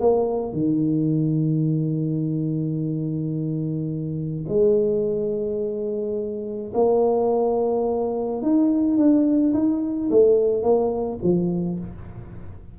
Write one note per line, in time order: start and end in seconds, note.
0.00 0.53 A#3
0.53 4.45 D#3
4.48 6.72 G#3
6.74 8.42 A#3
8.42 8.97 D#4
8.97 9.53 D4
9.53 10.09 D#4
10.10 10.63 A3
10.63 11.19 A#3
11.23 11.79 F3